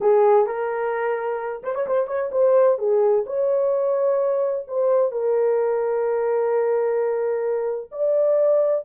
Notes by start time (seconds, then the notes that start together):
0.01 G#4
0.46 A#4
1.63 C5
1.74 C#5
1.86 C5
2.07 C#5
2.31 C5
2.78 G#4
3.26 C#5
4.67 C5
5.11 A#4
7.91 D5